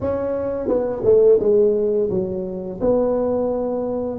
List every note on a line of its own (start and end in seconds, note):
0.01 0.68 C#4
0.68 1.02 B3
1.04 1.39 A3
1.39 2.09 G#3
2.10 2.79 F#3
2.80 4.18 B3